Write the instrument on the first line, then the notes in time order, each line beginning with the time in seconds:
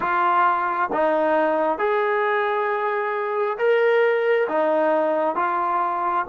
trombone
0.00 F4
0.92 D#4
1.78 G#4
3.57 A#4
4.48 D#4
5.35 F4